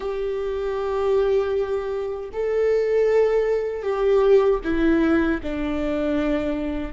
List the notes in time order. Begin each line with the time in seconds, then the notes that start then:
0.00 G4
2.33 A4
3.82 G4
4.64 E4
5.42 D4